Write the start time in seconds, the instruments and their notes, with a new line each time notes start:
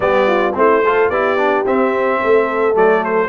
0.00 tuba G3, trombone B3, horn G4, trumpet D5
0.27 horn F4
0.54 tuba A3, trombone C4, horn E4, trumpet C5
0.83 trombone F4, horn A4
1.09 tuba B3, trombone E4, horn G4, trumpet D5
1.37 trombone D4
1.65 tuba C4, trombone C4, trumpet E5
2.22 tuba A3, horn A4
2.73 tuba F#3, trombone A3, trumpet D5
3.04 trumpet C5